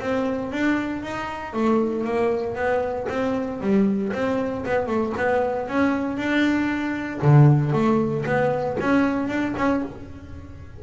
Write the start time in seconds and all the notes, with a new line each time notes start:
0.00 C4
0.52 D4
1.03 D#4
1.53 A3
2.04 A#3
2.55 B3
3.09 C4
3.61 G3
4.13 C4
4.66 B3
4.87 A3
5.17 B3
5.68 C#4
6.17 D4
7.22 D3
7.73 A3
8.26 B3
8.80 C#4
9.28 D4
9.57 C#4